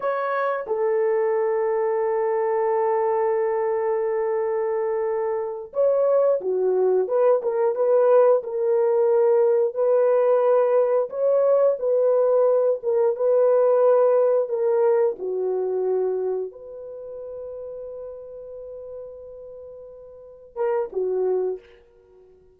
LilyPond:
\new Staff \with { instrumentName = "horn" } { \time 4/4 \tempo 4 = 89 cis''4 a'2.~ | a'1~ | a'8 cis''4 fis'4 b'8 ais'8 b'8~ | b'8 ais'2 b'4.~ |
b'8 cis''4 b'4. ais'8 b'8~ | b'4. ais'4 fis'4.~ | fis'8 b'2.~ b'8~ | b'2~ b'8 ais'8 fis'4 | }